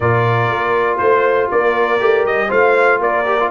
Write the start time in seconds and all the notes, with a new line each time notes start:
0.00 A#2 F4 A#4 D5
0.49 A#3
0.97 A3 C5
1.51 A#3 A#4 D5
1.99 A3 G4
2.24 G3 D#5
2.48 A3 F4 C5 F5
3.00 A#3 A#4 D5
3.25 G4
3.40 F4